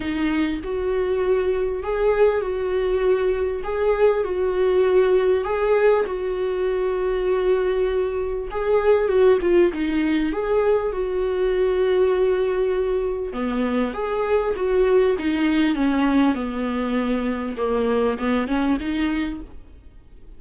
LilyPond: \new Staff \with { instrumentName = "viola" } { \time 4/4 \tempo 4 = 99 dis'4 fis'2 gis'4 | fis'2 gis'4 fis'4~ | fis'4 gis'4 fis'2~ | fis'2 gis'4 fis'8 f'8 |
dis'4 gis'4 fis'2~ | fis'2 b4 gis'4 | fis'4 dis'4 cis'4 b4~ | b4 ais4 b8 cis'8 dis'4 | }